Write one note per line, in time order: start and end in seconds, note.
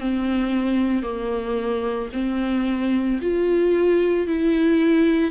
0.00 1.03 C4
1.03 2.10 A#3
2.13 3.20 C4
3.21 4.27 F4
4.27 5.31 E4